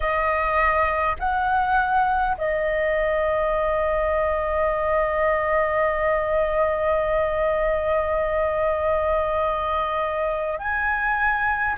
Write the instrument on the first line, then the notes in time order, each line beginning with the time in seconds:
flute
0.00 D#5
1.19 F#5
2.37 D#5
10.58 G#5